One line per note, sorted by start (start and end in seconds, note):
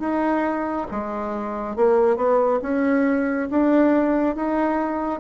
0.00 0.87 D#4
0.91 1.76 G#3
1.76 2.17 A#3
2.17 2.60 B3
2.62 3.49 C#4
3.51 4.36 D4
4.36 5.20 D#4